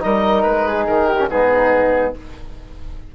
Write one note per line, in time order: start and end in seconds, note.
0.00 0.45 G3
0.00 1.15 D#4
0.00 0.67 A#4
0.00 0.42 D#5
0.42 0.87 G#3
0.42 0.84 B4
0.68 1.08 G#4
0.87 1.29 D#3
0.87 1.29 A#4
1.08 1.29 G4
1.19 1.29 C#4
1.29 2.13 G#2
1.29 2.14 B3
1.29 2.15 D#4
1.29 2.14 G#4